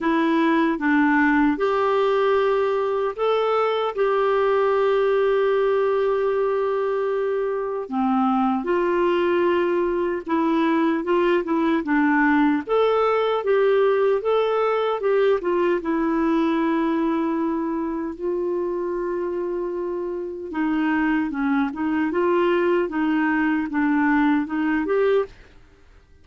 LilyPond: \new Staff \with { instrumentName = "clarinet" } { \time 4/4 \tempo 4 = 76 e'4 d'4 g'2 | a'4 g'2.~ | g'2 c'4 f'4~ | f'4 e'4 f'8 e'8 d'4 |
a'4 g'4 a'4 g'8 f'8 | e'2. f'4~ | f'2 dis'4 cis'8 dis'8 | f'4 dis'4 d'4 dis'8 g'8 | }